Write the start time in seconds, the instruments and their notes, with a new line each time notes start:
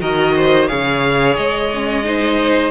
0.00 cello D#3, viola F#4, violin A#4 D#5
0.36 violin C5
0.67 cello C#3, viola G#4, violin C#5 F5
1.36 cello G#3, violin D#5
1.73 viola C#4
2.03 viola D#4, violin C5